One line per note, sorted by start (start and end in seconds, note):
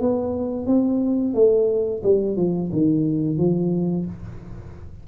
0.00 0.67 B3
0.67 1.34 C4
1.34 2.02 A3
2.03 2.36 G3
2.36 2.70 F3
2.72 3.37 D#3
3.37 4.06 F3